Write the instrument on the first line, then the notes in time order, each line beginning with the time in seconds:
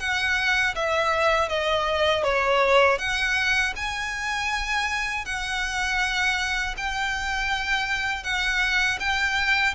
violin
0.00 F#5
0.75 E5
1.49 D#5
2.24 C#5
2.99 F#5
3.76 G#5
5.25 F#5
6.78 G5
8.24 F#5
9.00 G5